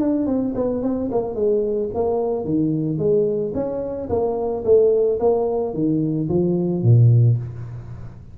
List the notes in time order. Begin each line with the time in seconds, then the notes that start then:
0.00 D4
0.26 C4
0.55 B3
0.83 C4
1.11 A#3
1.35 G#3
1.94 A#3
2.44 D#3
2.98 G#3
3.54 C#4
4.09 A#3
4.64 A3
5.20 A#3
5.73 D#3
6.28 F3
6.83 A#2